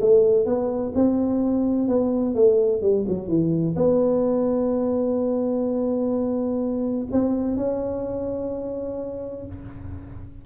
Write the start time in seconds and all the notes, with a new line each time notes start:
0.00 A3
0.45 B3
0.94 C4
1.88 B3
2.34 A3
2.81 G3
3.08 F#3
3.27 E3
3.75 B3
7.11 C4
7.56 C#4